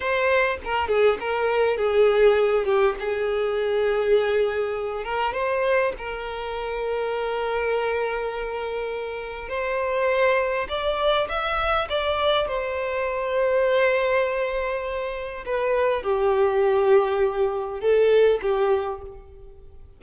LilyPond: \new Staff \with { instrumentName = "violin" } { \time 4/4 \tempo 4 = 101 c''4 ais'8 gis'8 ais'4 gis'4~ | gis'8 g'8 gis'2.~ | gis'8 ais'8 c''4 ais'2~ | ais'1 |
c''2 d''4 e''4 | d''4 c''2.~ | c''2 b'4 g'4~ | g'2 a'4 g'4 | }